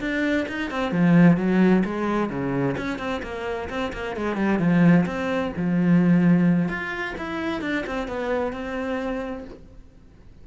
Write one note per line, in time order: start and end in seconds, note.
0.00 0.46 D4
0.48 0.70 D#4
0.70 0.91 C4
0.91 1.37 F3
1.37 1.83 F#3
1.85 2.30 G#3
2.30 2.76 C#3
2.77 2.98 C#4
2.98 3.21 C4
3.23 3.69 A#3
3.69 3.92 C4
3.93 4.16 A#3
4.16 4.36 G#3
4.36 4.59 G3
4.59 5.05 F3
5.06 5.52 C4
5.56 6.68 F3
6.68 7.15 F4
7.18 7.61 E4
7.61 7.84 D4
7.87 8.07 C4
8.07 8.52 B3
8.52 9.45 C4